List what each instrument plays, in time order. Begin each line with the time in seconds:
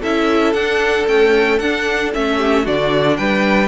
0.00 cello C#4, viola E4, violin A4 E5
0.53 cello D4, viola D4, violin F#5
1.07 viola A3, cello C#4, violin G5
1.58 cello D4, viola D4, violin F#5
2.13 cello A3, viola C#4, violin E5
2.36 violin G4
2.64 cello D3, viola D4, violin F#4 D5
3.17 cello G3, violin B4 G5